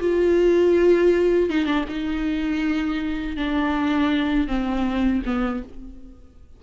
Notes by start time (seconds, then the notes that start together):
0.00 F4
1.50 D#4
1.66 D4
1.89 D#4
3.37 D4
4.48 C4
5.26 B3